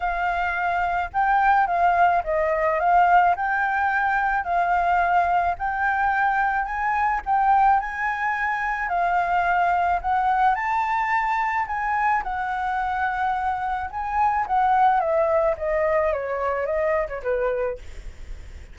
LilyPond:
\new Staff \with { instrumentName = "flute" } { \time 4/4 \tempo 4 = 108 f''2 g''4 f''4 | dis''4 f''4 g''2 | f''2 g''2 | gis''4 g''4 gis''2 |
f''2 fis''4 a''4~ | a''4 gis''4 fis''2~ | fis''4 gis''4 fis''4 e''4 | dis''4 cis''4 dis''8. cis''16 b'4 | }